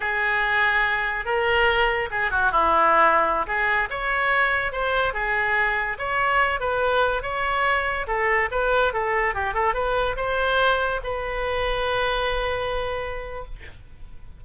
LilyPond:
\new Staff \with { instrumentName = "oboe" } { \time 4/4 \tempo 4 = 143 gis'2. ais'4~ | ais'4 gis'8 fis'8 e'2~ | e'16 gis'4 cis''2 c''8.~ | c''16 gis'2 cis''4. b'16~ |
b'4~ b'16 cis''2 a'8.~ | a'16 b'4 a'4 g'8 a'8 b'8.~ | b'16 c''2 b'4.~ b'16~ | b'1 | }